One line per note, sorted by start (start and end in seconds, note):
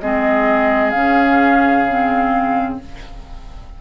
0.00 0.94 G#3
0.00 0.95 C4
0.00 2.79 G#4
0.00 0.90 D#5
0.90 2.78 C#3
0.90 1.87 C#4
0.90 2.75 F5
1.89 2.81 C4